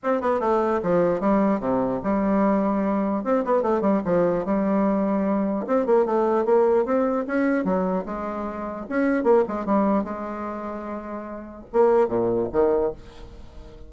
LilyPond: \new Staff \with { instrumentName = "bassoon" } { \time 4/4 \tempo 4 = 149 c'8 b8 a4 f4 g4 | c4 g2. | c'8 b8 a8 g8 f4 g4~ | g2 c'8 ais8 a4 |
ais4 c'4 cis'4 fis4 | gis2 cis'4 ais8 gis8 | g4 gis2.~ | gis4 ais4 ais,4 dis4 | }